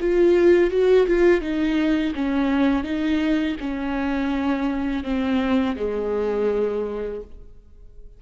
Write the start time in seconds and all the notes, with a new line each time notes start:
0.00 F4
0.71 F#4
1.07 F4
1.41 D#4
2.15 C#4
2.84 D#4
3.60 C#4
5.04 C4
5.76 G#3